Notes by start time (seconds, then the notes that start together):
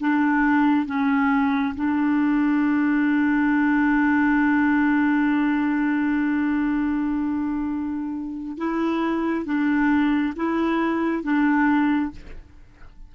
0.00 D4
0.87 C#4
1.76 D4
8.58 E4
9.46 D4
10.37 E4
11.24 D4